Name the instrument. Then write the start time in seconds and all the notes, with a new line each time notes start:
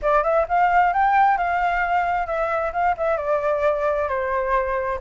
flute
0.02 D5
0.23 E5
0.48 F5
0.93 G5
1.37 F5
2.26 E5
2.73 F5
2.97 E5
3.17 D5
4.08 C5